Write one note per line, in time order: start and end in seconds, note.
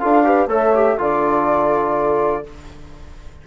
0.00 0.47 D4
0.00 0.24 F4
0.00 0.26 A4
0.00 0.48 F5
0.24 0.49 G4
0.24 0.49 B4
0.47 0.96 A3
0.47 0.74 A4
0.47 0.97 C#5
0.47 1.01 E5
0.75 0.99 G4
0.98 2.45 D3
0.98 2.44 F4
0.98 2.43 A4
0.98 2.47 D5